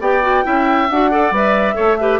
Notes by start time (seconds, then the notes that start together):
0.00 B3 G4 D5 G5
0.22 F#4
0.44 C#4 E4 E5
0.89 D4 F#4 F#5
1.11 A4 D5
1.31 G3 B4 E5
1.75 A3 A4 C#5
2.00 G4 B4